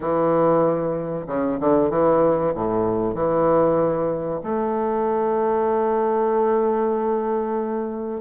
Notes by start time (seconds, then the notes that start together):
0.00 E3
1.27 C#3
1.60 D3
1.89 E3
2.54 A2
3.14 E3
4.43 A3